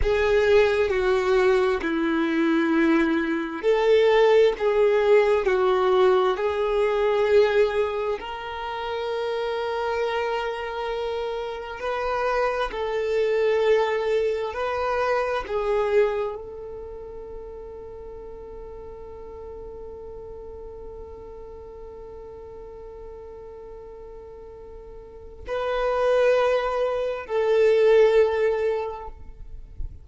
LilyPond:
\new Staff \with { instrumentName = "violin" } { \time 4/4 \tempo 4 = 66 gis'4 fis'4 e'2 | a'4 gis'4 fis'4 gis'4~ | gis'4 ais'2.~ | ais'4 b'4 a'2 |
b'4 gis'4 a'2~ | a'1~ | a'1 | b'2 a'2 | }